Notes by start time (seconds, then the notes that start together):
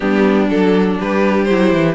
0.00 G3 B3 D4 G4
0.49 F#3 D4 A4
0.99 G3 G4 B4
1.44 E4 C5
1.50 F#3
1.72 E3